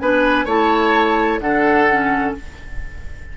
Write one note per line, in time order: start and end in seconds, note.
0.00 0.46 B3
0.00 0.47 D4
0.00 0.46 B4
0.00 0.47 G#5
0.46 1.40 A3
0.46 1.41 E4
0.46 1.40 C#5
0.46 1.40 A5
1.40 2.34 D3
1.40 1.90 D4
1.40 2.38 A4
1.40 2.34 F#5
1.90 2.37 C#4